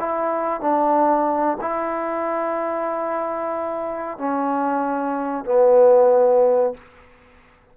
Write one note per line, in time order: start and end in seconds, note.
0.00 0.61 E4
0.61 1.58 D4
1.61 4.18 E4
4.18 5.45 C#4
5.45 6.74 B3